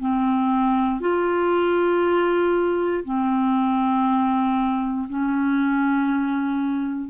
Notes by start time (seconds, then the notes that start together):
0.00 C4
1.01 F4
3.05 C4
5.09 C#4